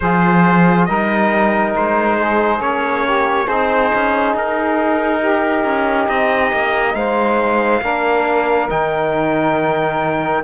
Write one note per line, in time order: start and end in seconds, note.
0.00 0.88 F3
0.00 0.89 F4
0.00 0.87 G#4
0.00 0.85 C5
0.85 1.75 G3
0.85 2.59 D#4
0.85 2.18 A#4
0.85 1.72 D#5
1.76 2.60 G#3
1.76 2.61 C5
2.19 3.05 G#4
2.59 3.47 A#3
2.59 3.46 C#4
2.59 3.47 C#5
3.05 3.45 G4
3.45 3.91 C4
3.45 7.83 D#4
3.45 5.19 G#4
3.45 4.34 C5
3.94 4.34 C#4
4.34 5.64 D#4
4.34 6.08 A#4
5.20 6.93 G4
5.64 6.07 C#4
6.08 6.51 C4
6.08 6.94 D#5
6.52 6.94 A#3
6.94 7.81 G#3
6.94 7.82 C5
6.94 8.68 F5
7.81 8.68 A#3
7.81 8.69 D4
7.81 10.42 A#4
8.69 10.43 D#3
8.69 10.43 D#4
8.69 10.43 G5